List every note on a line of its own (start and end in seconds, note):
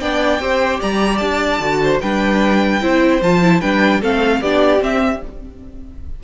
0.00 0.40 B3
0.00 0.40 D4
0.00 0.40 D5
0.00 0.80 G5
0.40 0.80 C4
0.40 1.60 G4
0.40 0.80 C5
0.80 1.20 G3
0.80 1.80 D5
0.80 1.17 A#5
1.17 1.60 D4
1.17 1.97 A5
1.60 2.00 D3
1.60 2.01 F#4
1.83 2.02 C5
2.01 2.82 G3
2.01 2.81 D4
2.01 2.82 B4
2.01 3.21 G5
2.81 3.21 C4
2.81 3.21 E4
2.81 3.61 C5
3.21 3.61 F3
3.21 3.42 F4
3.21 3.61 A5
3.42 3.61 E4
3.61 4.02 G3
3.61 4.01 D4
3.61 4.00 B4
3.61 4.01 G5
4.00 4.41 A3
4.00 4.42 C4
4.00 4.40 A4
4.00 4.42 F5
4.40 4.81 B3
4.40 4.79 D4
4.40 5.20 G4
4.40 4.82 D5
4.79 5.19 C4
4.79 5.21 C4
4.79 5.23 E5